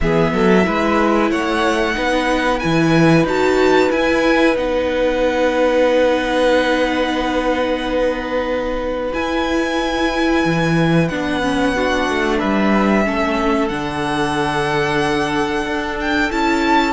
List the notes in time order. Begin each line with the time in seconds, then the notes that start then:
0.00 E3 B3 G#4 E5
0.33 F#3 A4
0.63 G#3 E4 B4
1.30 A3 C#5 F#5
1.93 B3 D#4 B4
2.59 E3 E4 G#5
3.24 D#4 F#4 A5
3.90 E4 G#5
4.55 B3 D#4 F#5
9.13 E4 G#5
10.44 E3
11.08 B3 D4 F#5
11.42 C#4
11.74 D4 F#4
12.09 A3
12.38 G3 B4 E5
13.04 A3 C#4 A4
13.68 D3 D4 F#5
15.65 D4
16.00 G5
16.31 C#4 E4 A5